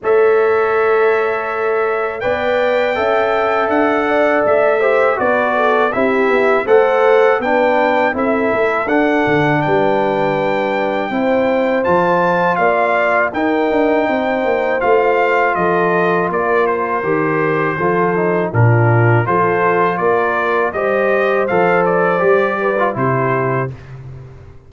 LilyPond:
<<
  \new Staff \with { instrumentName = "trumpet" } { \time 4/4 \tempo 4 = 81 e''2. g''4~ | g''4 fis''4 e''4 d''4 | e''4 fis''4 g''4 e''4 | fis''4 g''2. |
a''4 f''4 g''2 | f''4 dis''4 d''8 c''4.~ | c''4 ais'4 c''4 d''4 | dis''4 f''8 d''4. c''4 | }
  \new Staff \with { instrumentName = "horn" } { \time 4/4 cis''2. d''4 | e''4. d''4 c''8 b'8 a'8 | g'4 c''4 b'4 a'4~ | a'4 b'2 c''4~ |
c''4 d''4 ais'4 c''4~ | c''4 a'4 ais'2 | a'4 f'4 a'4 ais'4 | c''2~ c''8 b'8 g'4 | }
  \new Staff \with { instrumentName = "trombone" } { \time 4/4 a'2. b'4 | a'2~ a'8 g'8 fis'4 | e'4 a'4 d'4 e'4 | d'2. e'4 |
f'2 dis'2 | f'2. g'4 | f'8 dis'8 d'4 f'2 | g'4 a'4 g'8. f'16 e'4 | }
  \new Staff \with { instrumentName = "tuba" } { \time 4/4 a2. b4 | cis'4 d'4 a4 b4 | c'8 b8 a4 b4 c'8 a8 | d'8 d8 g2 c'4 |
f4 ais4 dis'8 d'8 c'8 ais8 | a4 f4 ais4 dis4 | f4 ais,4 f4 ais4 | g4 f4 g4 c4 | }
>>